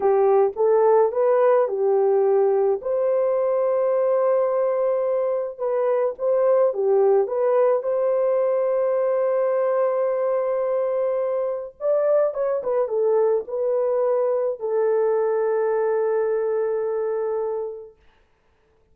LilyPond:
\new Staff \with { instrumentName = "horn" } { \time 4/4 \tempo 4 = 107 g'4 a'4 b'4 g'4~ | g'4 c''2.~ | c''2 b'4 c''4 | g'4 b'4 c''2~ |
c''1~ | c''4 d''4 cis''8 b'8 a'4 | b'2 a'2~ | a'1 | }